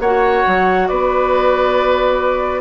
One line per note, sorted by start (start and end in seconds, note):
0.00 0.43 A#3
0.00 2.61 F#4
0.00 0.88 C#5
0.00 0.88 F#5
0.47 0.90 F#3
0.88 2.61 B3
0.88 2.61 B4
0.88 2.61 D5